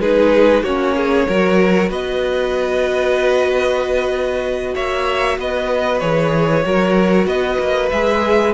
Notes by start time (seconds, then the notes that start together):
0.00 G#3 D#4 G#4 B4
0.63 A#3 C#4 F#4 C#5
0.96 G#4
1.28 F#3 F#4 A#4
1.89 B3 B4 D#5
4.74 A#3 C#5 E5
5.38 B3 B4 D#5
6.00 E3 G#4 C#5
6.65 F#3 F#4 A#4
7.26 B3 B4 D#5
7.59 A#3
7.90 G#3 G#4 E5